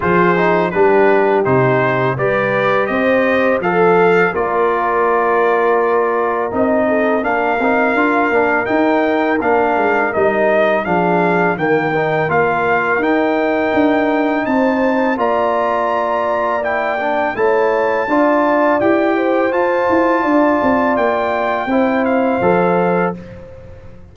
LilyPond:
<<
  \new Staff \with { instrumentName = "trumpet" } { \time 4/4 \tempo 4 = 83 c''4 b'4 c''4 d''4 | dis''4 f''4 d''2~ | d''4 dis''4 f''2 | g''4 f''4 dis''4 f''4 |
g''4 f''4 g''2 | a''4 ais''2 g''4 | a''2 g''4 a''4~ | a''4 g''4. f''4. | }
  \new Staff \with { instrumentName = "horn" } { \time 4/4 gis'4 g'2 b'4 | c''4 a'4 ais'2~ | ais'4. a'8 ais'2~ | ais'2. gis'4 |
ais'1 | c''4 d''2. | cis''4 d''4. c''4. | d''2 c''2 | }
  \new Staff \with { instrumentName = "trombone" } { \time 4/4 f'8 dis'8 d'4 dis'4 g'4~ | g'4 a'4 f'2~ | f'4 dis'4 d'8 dis'8 f'8 d'8 | dis'4 d'4 dis'4 d'4 |
ais8 dis'8 f'4 dis'2~ | dis'4 f'2 e'8 d'8 | e'4 f'4 g'4 f'4~ | f'2 e'4 a'4 | }
  \new Staff \with { instrumentName = "tuba" } { \time 4/4 f4 g4 c4 g4 | c'4 f4 ais2~ | ais4 c'4 ais8 c'8 d'8 ais8 | dis'4 ais8 gis8 g4 f4 |
dis4 ais4 dis'4 d'4 | c'4 ais2. | a4 d'4 e'4 f'8 e'8 | d'8 c'8 ais4 c'4 f4 | }
>>